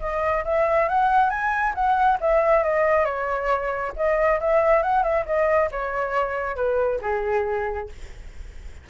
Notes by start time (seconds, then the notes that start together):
0.00 D#5
0.44 E5
0.88 F#5
1.29 G#5
1.74 F#5
2.20 E5
2.63 D#5
3.05 C#5
3.96 D#5
4.40 E5
4.82 F#5
5.03 E5
5.26 D#5
5.71 C#5
6.56 B4
7.01 G#4